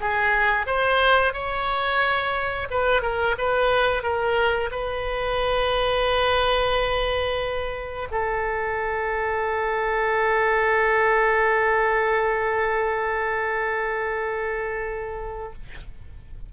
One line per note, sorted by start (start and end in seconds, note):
0.00 0.66 G#4
0.66 1.33 C5
1.33 2.68 C#5
2.70 3.02 B4
3.02 3.35 A#4
3.38 4.02 B4
4.02 4.70 A#4
4.71 8.08 B4
8.11 15.52 A4